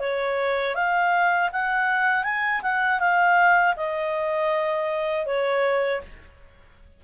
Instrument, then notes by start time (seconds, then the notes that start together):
clarinet
0.00 C#5
0.75 F5
1.53 F#5
2.24 G#5
2.62 F#5
3.00 F5
3.77 D#5
5.26 C#5